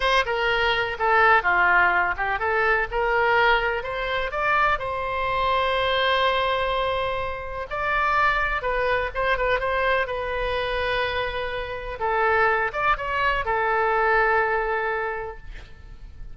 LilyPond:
\new Staff \with { instrumentName = "oboe" } { \time 4/4 \tempo 4 = 125 c''8 ais'4. a'4 f'4~ | f'8 g'8 a'4 ais'2 | c''4 d''4 c''2~ | c''1 |
d''2 b'4 c''8 b'8 | c''4 b'2.~ | b'4 a'4. d''8 cis''4 | a'1 | }